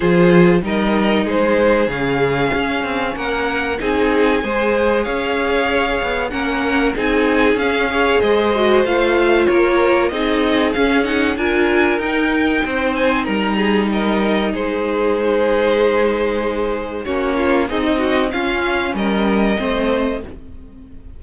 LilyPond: <<
  \new Staff \with { instrumentName = "violin" } { \time 4/4 \tempo 4 = 95 c''4 dis''4 c''4 f''4~ | f''4 fis''4 gis''2 | f''2 fis''4 gis''4 | f''4 dis''4 f''4 cis''4 |
dis''4 f''8 fis''8 gis''4 g''4~ | g''8 gis''8 ais''4 dis''4 c''4~ | c''2. cis''4 | dis''4 f''4 dis''2 | }
  \new Staff \with { instrumentName = "violin" } { \time 4/4 gis'4 ais'4 gis'2~ | gis'4 ais'4 gis'4 c''4 | cis''2 ais'4 gis'4~ | gis'8 cis''8 c''2 ais'4 |
gis'2 ais'2 | c''4 ais'8 gis'8 ais'4 gis'4~ | gis'2. fis'8 f'8 | dis'8 fis'8 f'4 ais'4 c''4 | }
  \new Staff \with { instrumentName = "viola" } { \time 4/4 f'4 dis'2 cis'4~ | cis'2 dis'4 gis'4~ | gis'2 cis'4 dis'4 | cis'8 gis'4 fis'8 f'2 |
dis'4 cis'8 dis'8 f'4 dis'4~ | dis'1~ | dis'2. cis'4 | gis'16 dis'8. cis'2 c'4 | }
  \new Staff \with { instrumentName = "cello" } { \time 4/4 f4 g4 gis4 cis4 | cis'8 c'8 ais4 c'4 gis4 | cis'4. b8 ais4 c'4 | cis'4 gis4 a4 ais4 |
c'4 cis'4 d'4 dis'4 | c'4 g2 gis4~ | gis2. ais4 | c'4 cis'4 g4 a4 | }
>>